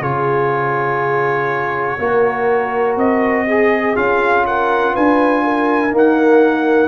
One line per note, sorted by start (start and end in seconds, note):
0.00 1.97 C#3
0.00 1.98 F4
0.00 1.97 G#4
0.00 2.97 C#5
1.98 2.96 A#3
1.98 3.47 F#4
1.98 3.46 A#4
2.96 3.94 C4
2.96 3.96 D#5
3.46 4.44 G#4
3.46 3.95 G#4
3.95 4.94 C#4
3.95 5.90 F4
3.95 4.45 F5
4.46 4.93 A#4
4.46 4.95 F#5
4.93 5.91 D4
4.93 5.42 B4
4.93 5.94 G#5
5.43 6.88 A#4
5.90 6.88 A#3
5.90 6.88 D#4
5.97 6.88 F#5